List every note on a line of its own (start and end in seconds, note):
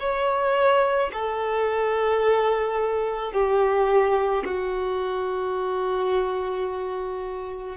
0.00 1.11 C#5
1.13 3.33 A4
3.33 4.44 G4
4.45 7.77 F#4